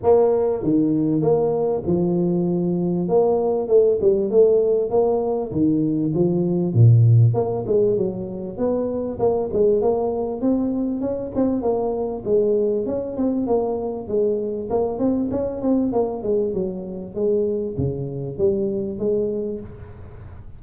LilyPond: \new Staff \with { instrumentName = "tuba" } { \time 4/4 \tempo 4 = 98 ais4 dis4 ais4 f4~ | f4 ais4 a8 g8 a4 | ais4 dis4 f4 ais,4 | ais8 gis8 fis4 b4 ais8 gis8 |
ais4 c'4 cis'8 c'8 ais4 | gis4 cis'8 c'8 ais4 gis4 | ais8 c'8 cis'8 c'8 ais8 gis8 fis4 | gis4 cis4 g4 gis4 | }